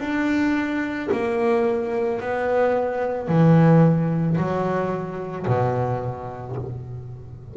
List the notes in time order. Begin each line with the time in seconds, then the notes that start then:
0.00 D4
1.12 A#3
2.21 B3
3.28 E3
4.37 F#3
5.47 B2